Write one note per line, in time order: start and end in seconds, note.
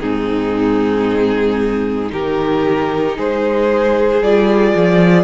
0.00 2.12 G#2
0.00 2.10 C4
0.00 2.11 D#4
0.00 2.11 G#4
2.10 3.18 D#3
2.10 4.20 D#4
2.10 3.17 G4
2.10 3.18 A#4
3.17 4.22 G#3
3.17 5.24 G#4
3.17 4.23 C5
4.22 4.75 G3
4.22 5.24 F4
4.22 5.24 D5
4.76 5.24 F3